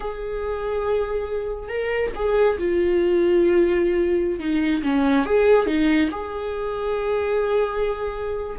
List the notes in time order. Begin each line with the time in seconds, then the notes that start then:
0.00 G#4
1.68 A#4
2.15 G#4
2.58 F4
4.39 D#4
4.82 C#4
5.25 G#4
5.66 D#4
6.11 G#4